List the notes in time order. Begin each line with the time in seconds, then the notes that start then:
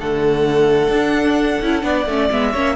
0.00 D3 A3 A4 F#5
0.88 D4
1.62 C#4 E4
1.83 B3 D4 D5
2.06 A3 C#4
2.32 G#3 B3 E5
2.52 A#3 C#4 C#5